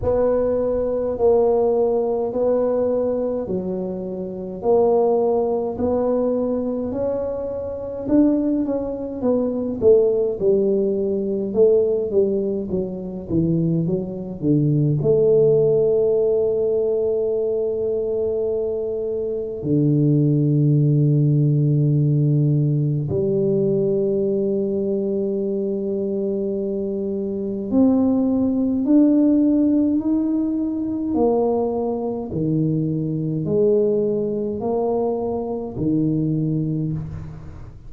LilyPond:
\new Staff \with { instrumentName = "tuba" } { \time 4/4 \tempo 4 = 52 b4 ais4 b4 fis4 | ais4 b4 cis'4 d'8 cis'8 | b8 a8 g4 a8 g8 fis8 e8 | fis8 d8 a2.~ |
a4 d2. | g1 | c'4 d'4 dis'4 ais4 | dis4 gis4 ais4 dis4 | }